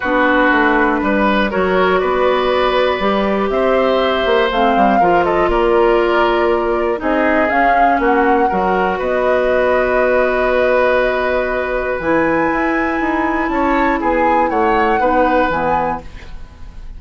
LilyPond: <<
  \new Staff \with { instrumentName = "flute" } { \time 4/4 \tempo 4 = 120 b'2. cis''4 | d''2. e''4~ | e''4 f''4. dis''8 d''4~ | d''2 dis''4 f''4 |
fis''2 dis''2~ | dis''1 | gis''2. a''4 | gis''4 fis''2 gis''4 | }
  \new Staff \with { instrumentName = "oboe" } { \time 4/4 fis'2 b'4 ais'4 | b'2. c''4~ | c''2 ais'8 a'8 ais'4~ | ais'2 gis'2 |
fis'4 ais'4 b'2~ | b'1~ | b'2. cis''4 | gis'4 cis''4 b'2 | }
  \new Staff \with { instrumentName = "clarinet" } { \time 4/4 d'2. fis'4~ | fis'2 g'2~ | g'4 c'4 f'2~ | f'2 dis'4 cis'4~ |
cis'4 fis'2.~ | fis'1 | e'1~ | e'2 dis'4 b4 | }
  \new Staff \with { instrumentName = "bassoon" } { \time 4/4 b4 a4 g4 fis4 | b2 g4 c'4~ | c'8 ais8 a8 g8 f4 ais4~ | ais2 c'4 cis'4 |
ais4 fis4 b2~ | b1 | e4 e'4 dis'4 cis'4 | b4 a4 b4 e4 | }
>>